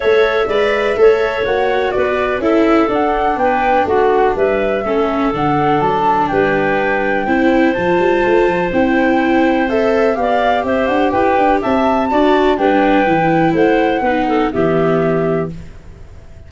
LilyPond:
<<
  \new Staff \with { instrumentName = "flute" } { \time 4/4 \tempo 4 = 124 e''2. fis''4 | d''4 e''4 fis''4 g''4 | fis''4 e''2 fis''4 | a''4 g''2. |
a''2 g''2 | e''4 f''4 e''8 fis''8 g''4 | a''2 g''2 | fis''2 e''2 | }
  \new Staff \with { instrumentName = "clarinet" } { \time 4/4 cis''4 d''4 cis''2 | b'4 a'2 b'4 | fis'4 b'4 a'2~ | a'4 b'2 c''4~ |
c''1~ | c''4 d''4 c''4 b'4 | e''4 d''4 b'2 | c''4 b'8 a'8 g'2 | }
  \new Staff \with { instrumentName = "viola" } { \time 4/4 a'4 b'4 a'4 fis'4~ | fis'4 e'4 d'2~ | d'2 cis'4 d'4~ | d'2. e'4 |
f'2 e'2 | a'4 g'2.~ | g'4 fis'4 d'4 e'4~ | e'4 dis'4 b2 | }
  \new Staff \with { instrumentName = "tuba" } { \time 4/4 a4 gis4 a4 ais4 | b4 cis'4 d'4 b4 | a4 g4 a4 d4 | fis4 g2 c'4 |
f8 g8 a8 f8 c'2~ | c'4 b4 c'8 d'8 e'8 d'8 | c'4 d'4 g4 e4 | a4 b4 e2 | }
>>